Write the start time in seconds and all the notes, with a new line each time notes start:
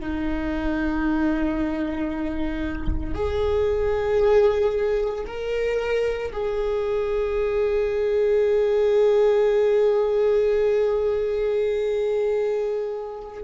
0.00 D#4
3.14 G#4
5.27 A#4
6.33 G#4